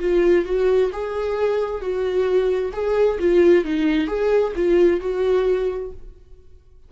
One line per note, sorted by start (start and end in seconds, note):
0.00 0.45 F4
0.46 0.91 F#4
0.93 1.82 G#4
1.82 2.73 F#4
2.73 3.19 G#4
3.20 3.65 F4
3.65 4.08 D#4
4.08 4.53 G#4
4.56 5.01 F4
5.01 5.92 F#4